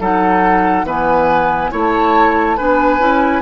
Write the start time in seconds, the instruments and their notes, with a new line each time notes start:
0.00 bassoon F#3, clarinet D#4, oboe A4, flute F#5
0.84 bassoon E3, clarinet B3, oboe B4, flute G#5
1.71 bassoon A3, clarinet E4, oboe C#5, flute A5
2.57 bassoon B3, clarinet D4, oboe B4, flute G#5
2.99 bassoon C#4, clarinet E4